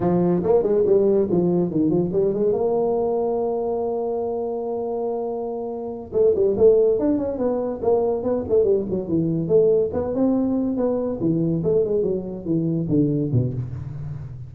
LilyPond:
\new Staff \with { instrumentName = "tuba" } { \time 4/4 \tempo 4 = 142 f4 ais8 gis8 g4 f4 | dis8 f8 g8 gis8 ais2~ | ais1~ | ais2~ ais8 a8 g8 a8~ |
a8 d'8 cis'8 b4 ais4 b8 | a8 g8 fis8 e4 a4 b8 | c'4. b4 e4 a8 | gis8 fis4 e4 d4 b,8 | }